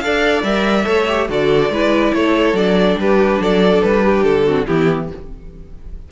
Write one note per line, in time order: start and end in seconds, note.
0.00 0.43 D4
0.00 0.45 A4
0.00 0.86 D5
0.00 0.42 F5
0.43 0.85 G3
0.43 0.84 A#4
0.43 1.28 E5
0.84 1.29 A3
0.84 1.06 A4
0.84 1.28 C#5
1.08 1.29 G4
1.29 1.70 D3
1.29 1.71 F#4
1.29 1.72 A4
1.29 2.14 D5
1.70 2.12 G#3
1.70 2.56 E4
1.70 2.15 B4
2.14 2.53 A3
2.14 3.00 A4
2.14 2.56 C#5
2.53 2.96 F#3
2.53 4.46 D4
2.53 2.99 D5
2.96 3.38 G3
2.96 3.42 G4
2.96 3.43 B4
3.40 3.83 F#3
3.40 4.05 A4
3.40 3.83 D5
3.83 4.24 G3
3.83 4.24 B4
4.05 4.46 G4
4.24 4.66 D3
4.24 4.66 A4
4.46 4.67 C4
4.46 4.67 F#4
4.67 5.12 E3
4.67 5.09 B3
4.67 5.09 E4
4.67 5.09 G4